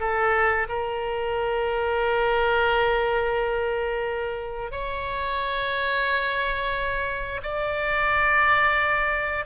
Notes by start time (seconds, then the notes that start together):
0.00 A4
0.69 A#4
4.72 C#5
7.43 D5